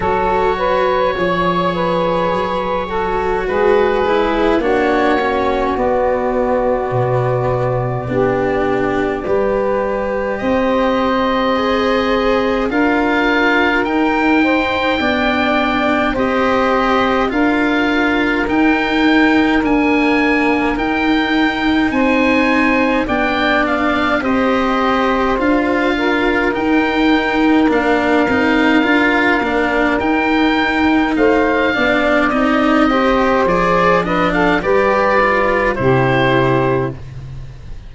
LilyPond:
<<
  \new Staff \with { instrumentName = "oboe" } { \time 4/4 \tempo 4 = 52 cis''2. b'4 | cis''4 d''2.~ | d''4 dis''2 f''4 | g''2 dis''4 f''4 |
g''4 gis''4 g''4 gis''4 | g''8 f''8 dis''4 f''4 g''4 | f''2 g''4 f''4 | dis''4 d''8 dis''16 f''16 d''4 c''4 | }
  \new Staff \with { instrumentName = "saxophone" } { \time 4/4 a'8 b'8 cis''8 b'4 a'8 gis'4 | fis'2. g'4 | b'4 c''2 ais'4~ | ais'8 c''8 d''4 c''4 ais'4~ |
ais'2. c''4 | d''4 c''4. ais'4.~ | ais'2. c''8 d''8~ | d''8 c''4 b'16 a'16 b'4 g'4 | }
  \new Staff \with { instrumentName = "cello" } { \time 4/4 fis'4 gis'4. fis'4 e'8 | d'8 cis'8 b2 d'4 | g'2 gis'4 f'4 | dis'4 d'4 g'4 f'4 |
dis'4 ais4 dis'2 | d'4 g'4 f'4 dis'4 | d'8 dis'8 f'8 d'8 dis'4. d'8 | dis'8 g'8 gis'8 d'8 g'8 f'8 e'4 | }
  \new Staff \with { instrumentName = "tuba" } { \time 4/4 fis4 f4 fis4 gis4 | ais4 b4 b,4 b4 | g4 c'2 d'4 | dis'4 b4 c'4 d'4 |
dis'4 d'4 dis'4 c'4 | b4 c'4 d'4 dis'4 | ais8 c'8 d'8 ais8 dis'4 a8 b8 | c'4 f4 g4 c4 | }
>>